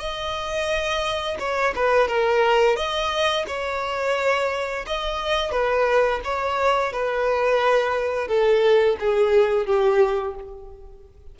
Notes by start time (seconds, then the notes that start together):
0.00 D#5
1.40 C#5
1.76 B4
2.08 A#4
2.77 D#5
3.48 C#5
4.87 D#5
5.52 B4
6.24 C#5
6.93 B4
8.28 A4
9.00 G#4
9.66 G4